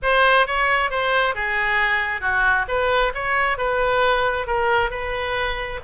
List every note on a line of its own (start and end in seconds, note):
0.02 0.46 C5
0.46 0.90 C#5
0.90 1.34 C5
1.34 2.21 G#4
2.21 2.65 F#4
2.68 3.12 B4
3.14 3.57 C#5
3.57 4.46 B4
4.46 4.90 A#4
4.90 5.80 B4